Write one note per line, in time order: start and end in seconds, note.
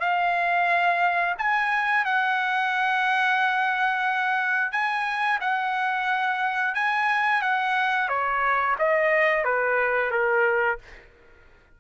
0.00 1.35 F5
1.38 2.05 G#5
2.05 4.72 F#5
4.72 5.39 G#5
5.41 6.74 F#5
6.74 7.42 G#5
7.42 8.08 F#5
8.08 8.76 C#5
8.79 9.44 D#5
9.44 10.11 B4
10.11 10.78 A#4